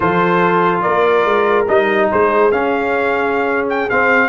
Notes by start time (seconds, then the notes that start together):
0.00 F3 F4 A4 C5
0.82 A#3 A#4 D5
1.24 G#3
1.68 G3 D#4 D#5
2.10 G#3 G#4 C5
2.51 C#4 F5
3.69 G5
3.89 C4 F5